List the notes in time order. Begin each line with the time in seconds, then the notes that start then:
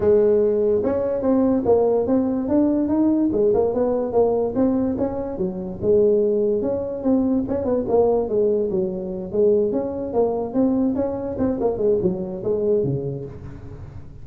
0.00 G#3
0.83 C#4
1.22 C4
1.65 A#3
2.07 C4
2.48 D4
2.88 D#4
3.32 G#3
3.53 A#3
3.74 B3
4.12 A#3
4.55 C4
4.98 C#4
5.37 F#3
5.81 G#3
6.62 C#4
7.03 C4
7.48 C#4
7.64 B3
7.88 A#3
8.28 G#3
8.70 F#3
9.32 G#3
9.71 C#4
10.13 A#3
10.53 C4
10.95 C#4
11.38 C4
11.60 A#3
11.77 G#3
12.02 F#3
12.43 G#3
12.83 C#3